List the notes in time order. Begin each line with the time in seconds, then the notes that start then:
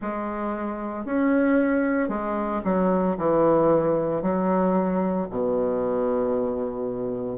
0.01 G#3
1.05 C#4
2.09 G#3
2.64 F#3
3.17 E3
4.22 F#3
5.30 B2